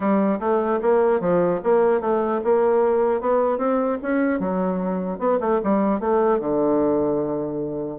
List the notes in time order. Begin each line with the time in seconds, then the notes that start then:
0.00 G3
0.39 A3
0.82 A#3
1.20 F3
1.63 A#3
2.01 A3
2.44 A#3
3.21 B3
3.58 C4
4.02 C#4
4.39 F#3
5.18 B3
5.40 A3
5.63 G3
5.99 A3
6.39 D3